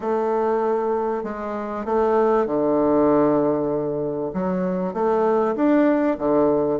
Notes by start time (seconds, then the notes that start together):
0.00 A3
1.23 G#3
1.85 A3
2.46 D3
4.33 F#3
4.93 A3
5.55 D4
6.18 D3